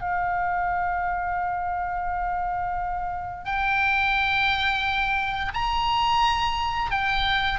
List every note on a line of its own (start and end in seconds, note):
0.00 3.45 F5
3.45 5.52 G5
5.53 6.91 A#5
6.91 7.59 G5